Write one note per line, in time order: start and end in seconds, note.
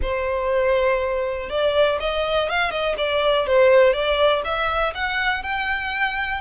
0.02 1.49 C5
1.49 1.98 D5
2.00 2.49 D#5
2.49 2.70 F5
2.70 2.95 D#5
2.97 3.46 D5
3.46 3.93 C5
3.93 4.42 D5
4.44 4.93 E5
4.94 5.42 F#5
5.42 6.40 G5